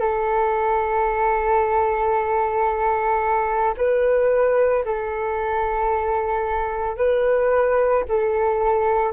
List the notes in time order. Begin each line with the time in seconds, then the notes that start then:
0.00 A4
3.77 B4
4.85 A4
6.97 B4
8.08 A4